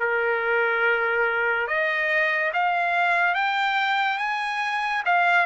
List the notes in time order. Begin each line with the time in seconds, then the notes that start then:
0.00 A#4
1.68 D#5
2.54 F5
3.35 G5
4.19 G#5
5.06 F5